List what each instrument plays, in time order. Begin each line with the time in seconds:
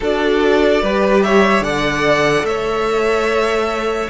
0.00 cello D4, viola F#4, violin A4 D5
0.82 cello G3, viola G4, violin B4
1.22 violin C#5 E5
1.60 cello D3, viola A4, violin D5 F#5
2.43 cello A3, violin C#5 E5